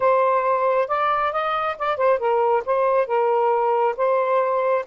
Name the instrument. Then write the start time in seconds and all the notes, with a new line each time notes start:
saxophone
0.00 C5
0.88 D5
1.32 D#5
1.78 D5
1.97 C5
2.19 A#4
2.65 C5
3.06 A#4
3.97 C5